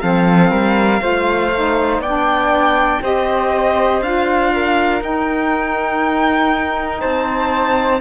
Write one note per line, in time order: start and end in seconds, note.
0.00 0.51 F3
0.00 1.00 C4
0.00 0.51 A4
0.00 2.00 F5
0.51 1.01 G3
0.51 1.01 A#4
1.00 1.99 A3
1.00 1.50 F4
1.00 2.01 C5
1.54 2.04 D#4
1.99 2.99 B3
1.99 3.01 D5
1.99 3.02 G5
2.06 3.02 D4
3.01 4.01 C4
3.01 4.02 G4
3.01 4.52 C5
3.01 4.02 D#5
4.01 5.01 D4
4.01 5.00 F4
4.01 5.02 F5
4.54 7.00 A#4
5.00 8.00 D#4
5.00 7.01 D#4
5.00 7.00 G5
7.00 8.01 C4
7.00 8.00 C5
7.00 8.00 A5